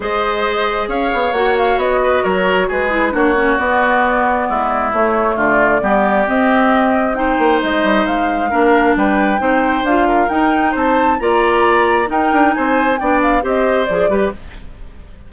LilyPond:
<<
  \new Staff \with { instrumentName = "flute" } { \time 4/4 \tempo 4 = 134 dis''2 f''4 fis''8 f''8 | dis''4 cis''4 b'4 cis''4 | d''2. cis''4 | d''2 dis''2 |
g''4 dis''4 f''2 | g''2 f''4 g''4 | a''4 ais''2 g''4 | gis''4 g''8 f''8 dis''4 d''4 | }
  \new Staff \with { instrumentName = "oboe" } { \time 4/4 c''2 cis''2~ | cis''8 b'8 ais'4 gis'4 fis'4~ | fis'2 e'2 | f'4 g'2. |
c''2. ais'4 | b'4 c''4. ais'4. | c''4 d''2 ais'4 | c''4 d''4 c''4. b'8 | }
  \new Staff \with { instrumentName = "clarinet" } { \time 4/4 gis'2. fis'4~ | fis'2~ fis'8 e'8 d'8 cis'8 | b2. a4~ | a4 b4 c'2 |
dis'2. d'4~ | d'4 dis'4 f'4 dis'4~ | dis'4 f'2 dis'4~ | dis'4 d'4 g'4 gis'8 g'8 | }
  \new Staff \with { instrumentName = "bassoon" } { \time 4/4 gis2 cis'8 b8 ais4 | b4 fis4 gis4 ais4 | b2 gis4 a4 | d4 g4 c'2~ |
c'8 ais8 gis8 g8 gis4 ais4 | g4 c'4 d'4 dis'4 | c'4 ais2 dis'8 d'8 | c'4 b4 c'4 f8 g8 | }
>>